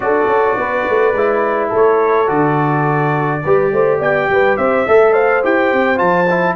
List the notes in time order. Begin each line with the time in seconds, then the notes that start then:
0.00 D4 F#4 A4 D5
0.26 C#4
0.56 B3 B4
0.89 A3
1.12 G#3 E4
1.69 A3 A4 C#5
2.27 D3 F#4 D5
3.44 G3 G4 B4
3.72 A3 C5
3.98 B3 D5 G5
4.28 G3 B4
4.56 C4 C5 E5
4.86 A3 A4 E5
5.13 C5 F5
5.42 E4 G4 G5
5.72 C4
5.96 F3 F4 A5
6.30 E4